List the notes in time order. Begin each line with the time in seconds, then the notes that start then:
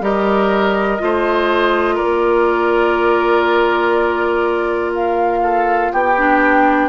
0.00 G3 G4 A#4 D#5
0.98 A3 F4 C5
1.95 A#3 A#4 D5
4.94 F5
5.42 A4
5.91 B3 G4 G5
6.17 D4